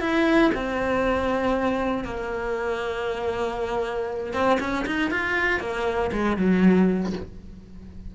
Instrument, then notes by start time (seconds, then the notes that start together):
cello
0.00 E4
0.54 C4
2.04 A#3
4.33 C4
4.60 C#4
4.86 D#4
5.11 F4
5.60 A#3
6.12 G#3
6.36 F#3